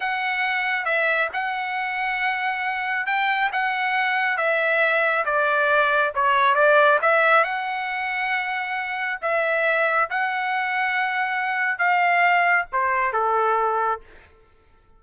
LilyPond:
\new Staff \with { instrumentName = "trumpet" } { \time 4/4 \tempo 4 = 137 fis''2 e''4 fis''4~ | fis''2. g''4 | fis''2 e''2 | d''2 cis''4 d''4 |
e''4 fis''2.~ | fis''4 e''2 fis''4~ | fis''2. f''4~ | f''4 c''4 a'2 | }